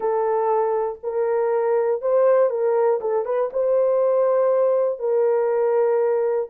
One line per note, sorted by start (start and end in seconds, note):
0.00 0.99 A4
1.03 2.01 A#4
2.01 2.50 C5
2.50 3.00 A#4
3.00 3.25 A4
3.25 3.50 B4
3.52 4.99 C5
4.99 6.49 A#4